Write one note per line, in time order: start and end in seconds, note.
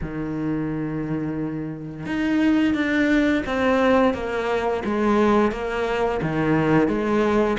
0.01 2.06 D#3
2.06 2.74 D#4
2.74 3.43 D4
3.46 4.14 C4
4.14 4.83 A#3
4.84 5.51 G#3
5.51 6.20 A#3
6.22 6.88 D#3
6.88 7.57 G#3